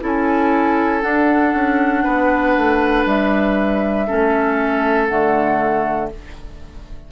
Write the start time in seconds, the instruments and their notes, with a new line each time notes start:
0.00 bassoon C#4, clarinet E4, oboe A4, flute G#5
1.01 clarinet D4, bassoon D4, flute F#5
1.54 bassoon C#4
2.03 bassoon B3, oboe B4
2.57 bassoon A3
3.06 bassoon G3, flute E5
4.07 bassoon A3, clarinet C#4, oboe A4
5.07 bassoon D3, clarinet A3, flute F#5